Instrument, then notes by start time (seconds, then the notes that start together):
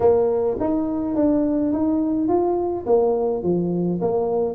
tuba
0.00 A#3
0.59 D#4
1.15 D4
1.72 D#4
2.28 F4
2.86 A#3
3.43 F3
4.01 A#3